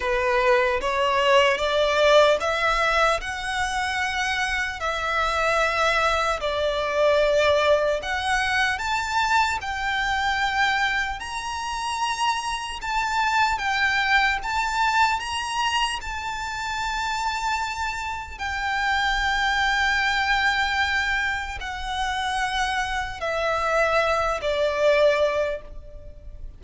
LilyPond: \new Staff \with { instrumentName = "violin" } { \time 4/4 \tempo 4 = 75 b'4 cis''4 d''4 e''4 | fis''2 e''2 | d''2 fis''4 a''4 | g''2 ais''2 |
a''4 g''4 a''4 ais''4 | a''2. g''4~ | g''2. fis''4~ | fis''4 e''4. d''4. | }